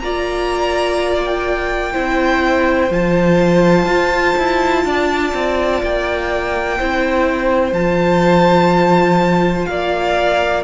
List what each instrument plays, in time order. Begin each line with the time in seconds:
0.00 cello A#3, viola F4, violin D5 A#5
1.25 violin G5
1.93 cello C4, viola E4, violin C5
2.91 cello F3, viola F4, violin A5
3.86 cello F4
4.38 cello E4
4.85 cello D4, violin D5
5.34 cello C4
5.83 cello A#3, violin G5
6.79 cello C4, viola E4, violin C5
7.73 cello F3, viola F4, violin A5
9.66 cello A#3, violin D5 F5